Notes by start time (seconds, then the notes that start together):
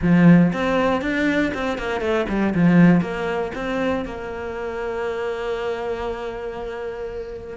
0.01 F3
0.52 C4
1.01 D4
1.54 C4
1.78 A#3
2.00 A3
2.28 G3
2.54 F3
3.01 A#3
3.54 C4
4.05 A#3